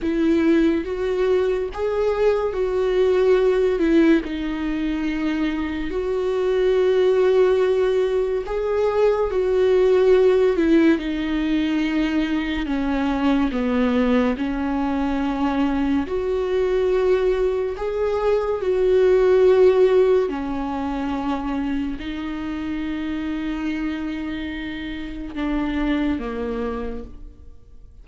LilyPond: \new Staff \with { instrumentName = "viola" } { \time 4/4 \tempo 4 = 71 e'4 fis'4 gis'4 fis'4~ | fis'8 e'8 dis'2 fis'4~ | fis'2 gis'4 fis'4~ | fis'8 e'8 dis'2 cis'4 |
b4 cis'2 fis'4~ | fis'4 gis'4 fis'2 | cis'2 dis'2~ | dis'2 d'4 ais4 | }